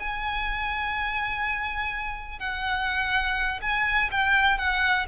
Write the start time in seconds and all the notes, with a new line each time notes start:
0.00 G#5
2.39 F#5
3.62 G#5
4.12 G5
4.58 F#5